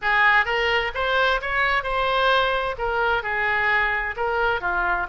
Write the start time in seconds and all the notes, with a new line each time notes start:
0.01 G#4
0.45 A#4
0.94 C5
1.41 C#5
1.83 C5
2.77 A#4
3.22 G#4
4.16 A#4
4.60 F4